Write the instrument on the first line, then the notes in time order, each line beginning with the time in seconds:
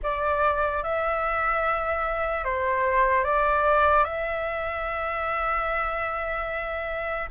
flute
0.02 D5
0.83 E5
2.44 C5
3.24 D5
4.04 E5